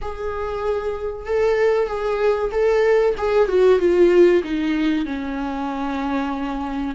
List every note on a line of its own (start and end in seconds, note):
0.01 1.26 G#4
1.26 1.87 A4
1.87 2.50 G#4
2.51 3.14 A4
3.17 3.48 G#4
3.48 3.79 F#4
3.79 4.42 F4
4.43 5.05 D#4
5.05 6.95 C#4